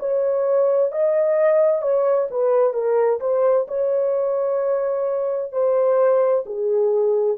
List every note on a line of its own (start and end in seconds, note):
0.00 0.92 C#5
0.92 1.83 D#5
1.83 2.29 C#5
2.31 2.74 B4
2.74 3.20 A#4
3.21 3.67 C5
3.68 5.53 C#5
5.53 6.45 C5
6.47 7.38 G#4